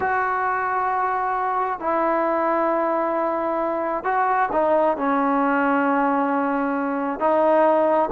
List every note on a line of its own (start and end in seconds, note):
0.00 1.79 F#4
1.79 4.04 E4
4.04 4.49 F#4
4.52 4.97 D#4
4.97 7.19 C#4
7.19 8.09 D#4